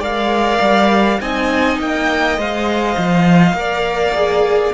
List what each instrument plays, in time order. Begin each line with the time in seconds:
0.00 cello G#3, viola A#4, violin D5 F5
0.62 cello G3
1.21 cello C4, viola D#4, violin D#5 G#5
1.79 cello A#3, violin G5
2.38 cello G#3, viola C5, violin F5
2.98 cello F3
3.53 cello A#3, viola A#4
3.60 violin D5
4.15 viola G#4